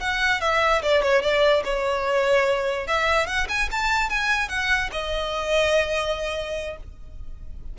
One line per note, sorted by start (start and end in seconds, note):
0.00 0.41 F#5
0.41 0.82 E5
0.83 1.03 D5
1.03 1.22 C#5
1.22 1.63 D5
1.65 2.87 C#5
2.87 3.27 E5
3.27 3.47 F#5
3.49 3.69 G#5
3.72 4.10 A5
4.10 4.49 G#5
4.49 4.90 F#5
4.92 6.77 D#5